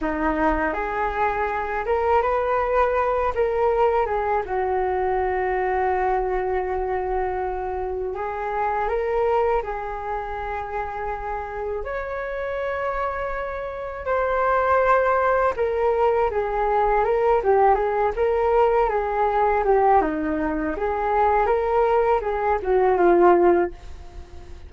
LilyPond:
\new Staff \with { instrumentName = "flute" } { \time 4/4 \tempo 4 = 81 dis'4 gis'4. ais'8 b'4~ | b'8 ais'4 gis'8 fis'2~ | fis'2. gis'4 | ais'4 gis'2. |
cis''2. c''4~ | c''4 ais'4 gis'4 ais'8 g'8 | gis'8 ais'4 gis'4 g'8 dis'4 | gis'4 ais'4 gis'8 fis'8 f'4 | }